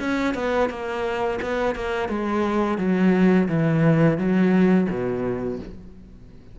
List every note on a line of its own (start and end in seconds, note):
0.00 0.35 C#4
0.35 0.70 B3
0.70 1.40 A#3
1.42 1.76 B3
1.76 2.09 A#3
2.09 2.78 G#3
2.78 3.48 F#3
3.49 4.18 E3
4.18 4.88 F#3
4.90 5.60 B2